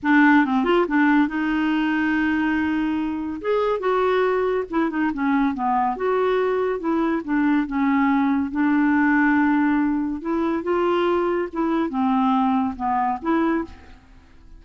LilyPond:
\new Staff \with { instrumentName = "clarinet" } { \time 4/4 \tempo 4 = 141 d'4 c'8 f'8 d'4 dis'4~ | dis'1 | gis'4 fis'2 e'8 dis'8 | cis'4 b4 fis'2 |
e'4 d'4 cis'2 | d'1 | e'4 f'2 e'4 | c'2 b4 e'4 | }